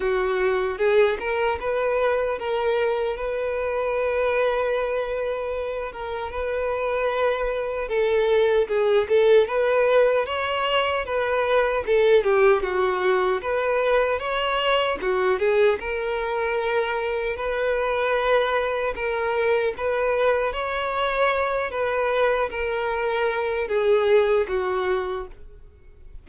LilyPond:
\new Staff \with { instrumentName = "violin" } { \time 4/4 \tempo 4 = 76 fis'4 gis'8 ais'8 b'4 ais'4 | b'2.~ b'8 ais'8 | b'2 a'4 gis'8 a'8 | b'4 cis''4 b'4 a'8 g'8 |
fis'4 b'4 cis''4 fis'8 gis'8 | ais'2 b'2 | ais'4 b'4 cis''4. b'8~ | b'8 ais'4. gis'4 fis'4 | }